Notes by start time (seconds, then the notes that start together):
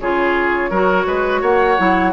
0.00 C#3 F4 G#4 C#5
0.70 F#3 F#4 A#4
1.07 G#3 B4
1.41 A#3 C#5 F#5
1.78 F#3 E4